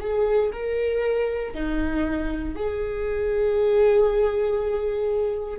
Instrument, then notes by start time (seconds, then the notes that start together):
viola
0.00 G#4
0.52 A#4
1.54 D#4
2.56 G#4